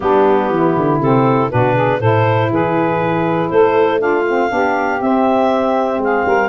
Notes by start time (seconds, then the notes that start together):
0.00 G3 B3 D4 G4
0.50 E3 E4
0.76 D3
1.00 C3 C4 A4
1.50 B2 D4 F#4 B4
1.74 G#4
1.99 A2 E4 A4 C5
2.49 E3 G#4 B4
3.49 A3 A4 C5
3.98 D4 F4 F5
4.28 C4
4.48 B3 D4 G4
5.00 C4 E5
5.97 G#3 G#4 F5
6.25 G3 A#4